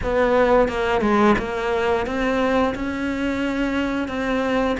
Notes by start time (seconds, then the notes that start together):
0.03 B3
0.68 A#3
1.01 G#3
1.38 A#3
2.06 C4
2.75 C#4
4.08 C4